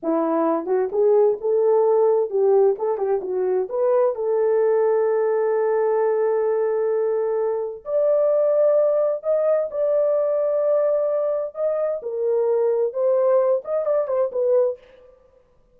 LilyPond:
\new Staff \with { instrumentName = "horn" } { \time 4/4 \tempo 4 = 130 e'4. fis'8 gis'4 a'4~ | a'4 g'4 a'8 g'8 fis'4 | b'4 a'2.~ | a'1~ |
a'4 d''2. | dis''4 d''2.~ | d''4 dis''4 ais'2 | c''4. dis''8 d''8 c''8 b'4 | }